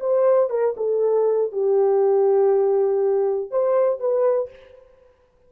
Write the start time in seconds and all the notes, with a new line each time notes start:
0.00 C5
0.50 A#4
0.77 A4
1.52 G4
3.51 C5
4.00 B4